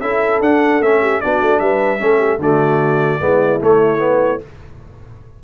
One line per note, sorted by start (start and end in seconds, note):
0.00 0.40 C#4
0.00 0.42 E4
0.00 1.01 A4
0.00 0.40 E5
0.40 0.80 D4
0.40 0.82 D4
0.40 0.82 F#5
0.80 1.20 A3
0.80 1.22 C#4
0.80 1.20 E5
1.01 1.21 G4
1.20 1.41 B3
1.20 1.99 D4
1.20 1.61 F#4
1.20 1.59 D5
1.41 1.60 A3
1.59 2.00 G3
1.59 2.01 B4
1.59 2.39 E5
1.99 2.38 A3
1.99 2.39 C#4
1.99 2.17 A4
2.17 2.37 G4
2.38 3.18 D3
2.38 3.19 A3
2.38 3.21 F#4
2.38 3.62 D5
3.19 3.60 G#3
3.19 3.59 B3
3.19 4.43 E4
3.60 3.98 A3
3.60 4.41 A3
3.60 4.42 C#5
3.98 4.38 B3